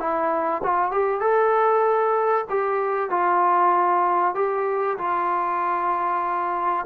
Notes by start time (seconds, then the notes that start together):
0.00 E4
0.64 F4
0.92 G4
1.21 A4
2.50 G4
3.11 F4
4.36 G4
4.99 F4